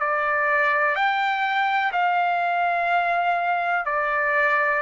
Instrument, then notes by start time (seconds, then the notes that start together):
trumpet
0.00 D5
0.95 G5
1.92 F5
3.86 D5